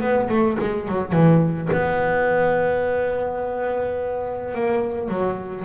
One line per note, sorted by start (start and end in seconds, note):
0.00 0.28 B3
0.29 0.57 A3
0.59 0.88 G#3
0.88 1.12 F#3
1.12 1.69 E3
1.72 4.54 B3
4.54 5.08 A#3
5.08 5.64 F#3